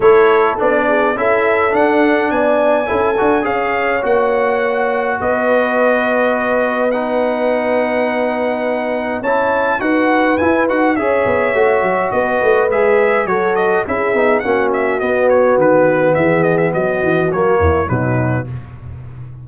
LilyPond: <<
  \new Staff \with { instrumentName = "trumpet" } { \time 4/4 \tempo 4 = 104 cis''4 d''4 e''4 fis''4 | gis''2 f''4 fis''4~ | fis''4 dis''2. | fis''1 |
a''4 fis''4 gis''8 fis''8 e''4~ | e''4 dis''4 e''4 cis''8 dis''8 | e''4 fis''8 e''8 dis''8 cis''8 b'4 | e''8 dis''16 e''16 dis''4 cis''4 b'4 | }
  \new Staff \with { instrumentName = "horn" } { \time 4/4 a'4. gis'8 a'2 | d''4 a'4 cis''2~ | cis''4 b'2.~ | b'1 |
cis''4 b'2 cis''4~ | cis''4 b'2 a'4 | gis'4 fis'2. | gis'4 fis'4. e'8 dis'4 | }
  \new Staff \with { instrumentName = "trombone" } { \time 4/4 e'4 d'4 e'4 d'4~ | d'4 e'8 fis'8 gis'4 fis'4~ | fis'1 | dis'1 |
e'4 fis'4 e'8 fis'8 gis'4 | fis'2 gis'4 fis'4 | e'8 dis'8 cis'4 b2~ | b2 ais4 fis4 | }
  \new Staff \with { instrumentName = "tuba" } { \time 4/4 a4 b4 cis'4 d'4 | b4 cis'8 d'8 cis'4 ais4~ | ais4 b2.~ | b1 |
cis'4 dis'4 e'8 dis'8 cis'8 b8 | a8 fis8 b8 a8 gis4 fis4 | cis'8 b8 ais4 b4 dis4 | e4 fis8 e8 fis8 e,8 b,4 | }
>>